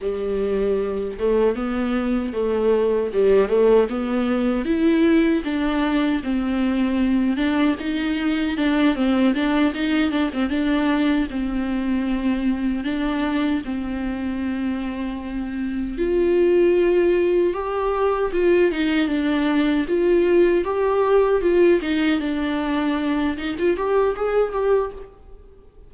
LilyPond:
\new Staff \with { instrumentName = "viola" } { \time 4/4 \tempo 4 = 77 g4. a8 b4 a4 | g8 a8 b4 e'4 d'4 | c'4. d'8 dis'4 d'8 c'8 | d'8 dis'8 d'16 c'16 d'4 c'4.~ |
c'8 d'4 c'2~ c'8~ | c'8 f'2 g'4 f'8 | dis'8 d'4 f'4 g'4 f'8 | dis'8 d'4. dis'16 f'16 g'8 gis'8 g'8 | }